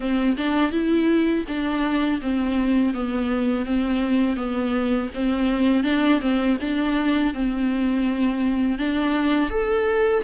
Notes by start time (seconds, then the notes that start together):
0.00 C4
0.37 D4
0.71 E4
1.47 D4
2.22 C4
2.94 B3
3.65 C4
4.36 B3
5.14 C4
5.83 D4
6.21 C4
6.61 D4
7.34 C4
8.78 D4
9.50 A4